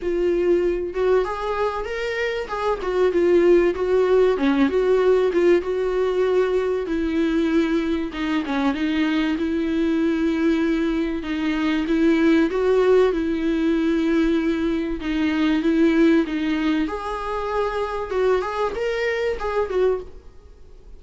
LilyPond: \new Staff \with { instrumentName = "viola" } { \time 4/4 \tempo 4 = 96 f'4. fis'8 gis'4 ais'4 | gis'8 fis'8 f'4 fis'4 cis'8 fis'8~ | fis'8 f'8 fis'2 e'4~ | e'4 dis'8 cis'8 dis'4 e'4~ |
e'2 dis'4 e'4 | fis'4 e'2. | dis'4 e'4 dis'4 gis'4~ | gis'4 fis'8 gis'8 ais'4 gis'8 fis'8 | }